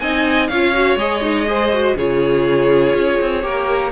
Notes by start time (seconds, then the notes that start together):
0.00 C4 D#4 D#5 G#5
0.48 C#4 F4 C#5 F5
0.74 F#4
0.96 G#3 G#4 D#5
1.22 D#4
1.46 G#4 C5
1.73 F#4
1.96 C#3 F4 G#4 C#5
2.95 C#4
3.21 C4
3.42 A#3 G4 A#4